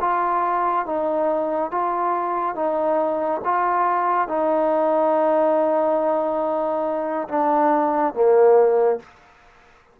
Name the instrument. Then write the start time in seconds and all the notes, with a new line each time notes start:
trombone
0.00 F4
0.85 D#4
1.71 F4
2.55 D#4
3.44 F4
4.27 D#4
7.28 D4
8.14 A#3